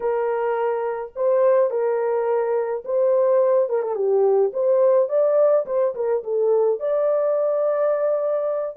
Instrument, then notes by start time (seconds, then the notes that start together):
horn
0.00 A#4
1.15 C5
1.70 A#4
2.84 C5
3.69 A#4
3.82 A4
3.95 G4
4.53 C5
5.08 D5
5.66 C5
5.95 A#4
6.23 A4
6.79 D5